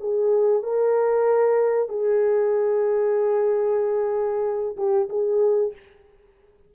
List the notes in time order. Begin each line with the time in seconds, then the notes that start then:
0.00 G#4
0.63 A#4
1.89 G#4
4.77 G4
5.09 G#4